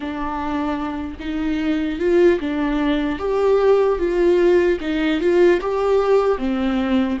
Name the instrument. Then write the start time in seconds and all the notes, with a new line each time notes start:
viola
0.00 D4
1.19 D#4
1.99 F4
2.40 D4
3.18 G4
3.99 F4
4.80 D#4
5.20 F4
5.60 G4
6.38 C4